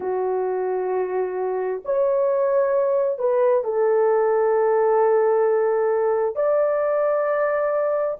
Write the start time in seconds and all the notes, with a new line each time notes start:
0.00 F#4
1.84 C#5
3.18 B4
3.64 A4
6.35 D5